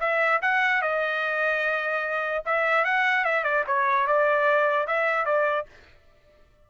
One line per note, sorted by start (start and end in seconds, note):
0.00 0.41 E5
0.42 0.82 F#5
0.82 2.44 D#5
2.45 2.85 E5
2.85 3.25 F#5
3.25 3.44 E5
3.44 3.64 D5
3.67 4.07 C#5
4.07 4.87 D5
4.87 5.26 E5
5.26 5.66 D5